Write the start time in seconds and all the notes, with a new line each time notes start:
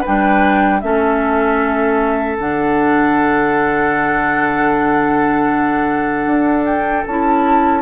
0.00 D4 B4 G5
0.07 G3
0.80 A3 C#4 A4 E5
2.38 D3 D4 F#5
6.26 D4
6.65 G5
7.06 C#4 E4 A5